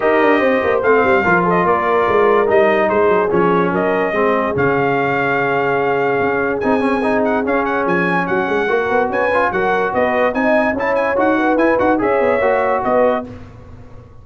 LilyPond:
<<
  \new Staff \with { instrumentName = "trumpet" } { \time 4/4 \tempo 4 = 145 dis''2 f''4. dis''8 | d''2 dis''4 c''4 | cis''4 dis''2 f''4~ | f''1 |
gis''4. fis''8 f''8 fis''8 gis''4 | fis''2 gis''4 fis''4 | dis''4 gis''4 a''8 gis''8 fis''4 | gis''8 fis''8 e''2 dis''4 | }
  \new Staff \with { instrumentName = "horn" } { \time 4/4 ais'4 c''2 ais'8 a'8 | ais'2. gis'4~ | gis'4 ais'4 gis'2~ | gis'1~ |
gis'1 | fis'8 gis'8 ais'4 b'4 ais'4 | b'4 dis''4 cis''4. b'8~ | b'4 cis''2 b'4 | }
  \new Staff \with { instrumentName = "trombone" } { \time 4/4 g'2 c'4 f'4~ | f'2 dis'2 | cis'2 c'4 cis'4~ | cis'1 |
dis'8 cis'8 dis'4 cis'2~ | cis'4 fis'4. f'8 fis'4~ | fis'4 dis'4 e'4 fis'4 | e'8 fis'8 gis'4 fis'2 | }
  \new Staff \with { instrumentName = "tuba" } { \time 4/4 dis'8 d'8 c'8 ais8 a8 g8 f4 | ais4 gis4 g4 gis8 fis8 | f4 fis4 gis4 cis4~ | cis2. cis'4 |
c'2 cis'4 f4 | fis8 gis8 ais8 b8 cis'4 fis4 | b4 c'4 cis'4 dis'4 | e'8 dis'8 cis'8 b8 ais4 b4 | }
>>